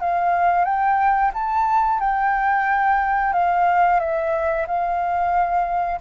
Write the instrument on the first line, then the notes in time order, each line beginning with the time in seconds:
flute
0.00 F5
0.65 G5
1.34 A5
2.00 G5
3.33 F5
4.00 E5
4.67 F5